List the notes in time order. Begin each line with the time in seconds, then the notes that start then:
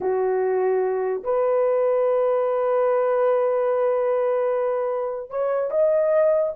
0.00 F#4
1.23 B4
5.30 C#5
5.71 D#5